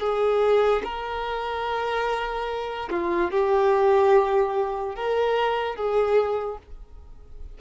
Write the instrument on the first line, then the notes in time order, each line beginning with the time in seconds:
violin
0.00 G#4
0.84 A#4
2.90 F4
3.31 G4
4.95 A#4
5.76 G#4